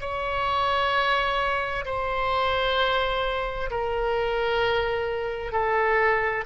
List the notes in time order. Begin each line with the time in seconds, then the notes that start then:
0.00 C#5
1.85 C5
3.70 A#4
5.52 A4